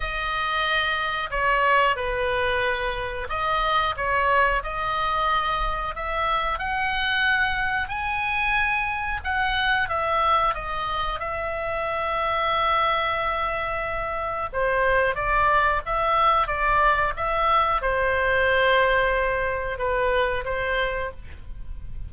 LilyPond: \new Staff \with { instrumentName = "oboe" } { \time 4/4 \tempo 4 = 91 dis''2 cis''4 b'4~ | b'4 dis''4 cis''4 dis''4~ | dis''4 e''4 fis''2 | gis''2 fis''4 e''4 |
dis''4 e''2.~ | e''2 c''4 d''4 | e''4 d''4 e''4 c''4~ | c''2 b'4 c''4 | }